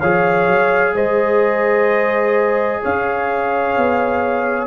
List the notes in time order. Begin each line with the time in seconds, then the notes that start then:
0.00 F3 G#4 C#5 F5
0.47 F#3
0.93 G#3 C5 D#5
2.83 C#4 C#5 F5
3.77 B3